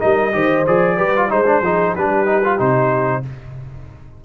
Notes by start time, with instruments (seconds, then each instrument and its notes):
0.00 tuba G3, trombone D#4, horn A#4, trumpet D#5
0.33 tuba D#3, trombone G4, horn C5
0.67 tuba F3, trombone G#4, trumpet D5
0.96 tuba G3, trombone G4, horn B4
1.17 trombone F4
1.29 tuba G#3, trombone D#4, trumpet C5, horn C5
1.47 trombone D4
1.62 tuba F3, trombone D#4, horn G#4
1.92 tuba G3, horn G4, trumpet B4
1.99 trombone D4
2.26 trombone D#4
2.45 trombone F4
2.59 tuba C3, trombone D#4, trumpet C5